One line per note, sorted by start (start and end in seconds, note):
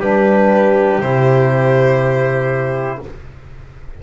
0.00 0.99 G3
0.00 1.03 D4
0.00 3.00 G4
0.00 1.01 B4
0.99 2.99 C3
0.99 3.03 E4
0.99 3.01 C5